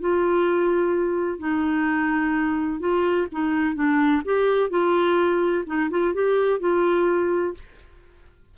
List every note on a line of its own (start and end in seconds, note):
0.00 1.39 F4
1.39 2.80 D#4
2.80 3.27 F4
3.32 3.75 D#4
3.75 4.22 D4
4.25 4.69 G4
4.69 5.64 F4
5.66 5.90 D#4
5.90 6.14 F4
6.14 6.60 G4
6.60 7.54 F4